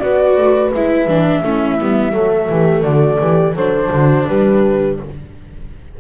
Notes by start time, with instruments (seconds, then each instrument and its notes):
0.00 double bass B3, viola F#4, horn B4, flute D5
0.37 double bass A3
0.74 double bass G#3, viola E4, flute E5
1.08 double bass E3, viola D4
1.44 double bass A3, viola C#4, horn E4
1.80 double bass G3, viola B3
2.13 double bass F#3, viola A3, horn A4
2.50 double bass E3, horn G4
2.83 double bass D3, horn F#4, flute D5
3.21 double bass E3, horn G4
3.55 double bass F#3, viola D4, horn A4, flute C5
3.92 double bass D3, horn F#4
4.27 double bass G3, horn G4, flute B4